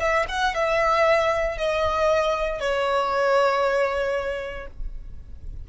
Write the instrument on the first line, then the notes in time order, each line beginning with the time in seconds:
violin
0.00 E5
0.29 F#5
0.55 E5
1.58 D#5
2.60 C#5